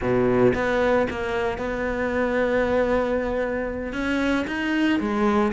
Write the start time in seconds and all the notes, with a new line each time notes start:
0.01 B2
0.54 B3
1.10 A#3
1.58 B3
3.92 C#4
4.47 D#4
5.00 G#3